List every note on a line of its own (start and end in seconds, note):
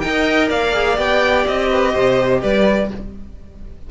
0.00 0.51 D#4
0.00 0.73 A#4
0.00 0.48 G5
0.07 0.49 D#5
0.49 0.97 A#3
0.49 1.69 D5
0.49 0.98 F5
0.73 0.96 G#4
0.96 1.46 B3
0.96 2.88 G4
0.96 1.47 G5
1.47 1.95 C4
1.47 2.42 D#5
1.69 1.93 B4
1.93 2.43 C3
1.93 2.41 C5
2.42 2.91 G3
2.42 2.90 B4
2.42 2.90 D5